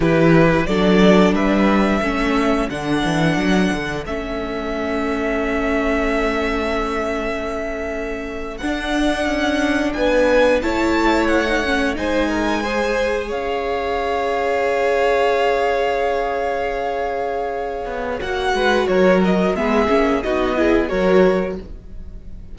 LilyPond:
<<
  \new Staff \with { instrumentName = "violin" } { \time 4/4 \tempo 4 = 89 b'4 d''4 e''2 | fis''2 e''2~ | e''1~ | e''8. fis''2 gis''4 a''16~ |
a''8. fis''4 gis''2 f''16~ | f''1~ | f''2. fis''4 | cis''8 dis''8 e''4 dis''4 cis''4 | }
  \new Staff \with { instrumentName = "violin" } { \time 4/4 g'4 a'4 b'4 a'4~ | a'1~ | a'1~ | a'2~ a'8. b'4 cis''16~ |
cis''4.~ cis''16 c''8 ais'8 c''4 cis''16~ | cis''1~ | cis''2.~ cis''8 b'8 | ais'4 gis'4 fis'8 gis'8 ais'4 | }
  \new Staff \with { instrumentName = "viola" } { \time 4/4 e'4 d'2 cis'4 | d'2 cis'2~ | cis'1~ | cis'8. d'2. e'16~ |
e'4 dis'16 cis'8 dis'4 gis'4~ gis'16~ | gis'1~ | gis'2. fis'4~ | fis'4 b8 cis'8 dis'8 e'8 fis'4 | }
  \new Staff \with { instrumentName = "cello" } { \time 4/4 e4 fis4 g4 a4 | d8 e8 fis8 d8 a2~ | a1~ | a8. d'4 cis'4 b4 a16~ |
a4.~ a16 gis2 cis'16~ | cis'1~ | cis'2~ cis'8 b8 ais8 gis8 | fis4 gis8 ais8 b4 fis4 | }
>>